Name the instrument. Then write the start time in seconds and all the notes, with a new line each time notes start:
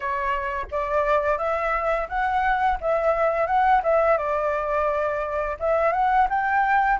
flute
0.00 C#5
0.71 D5
1.38 E5
2.08 F#5
2.81 E5
3.46 F#5
3.83 E5
4.17 D5
5.59 E5
5.92 F#5
6.29 G5